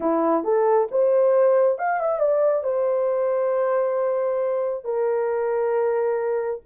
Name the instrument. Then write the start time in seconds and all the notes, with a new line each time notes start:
horn
0.00 E4
0.44 A4
0.91 C5
1.78 F5
2.00 E5
2.19 D5
2.63 C5
4.84 A#4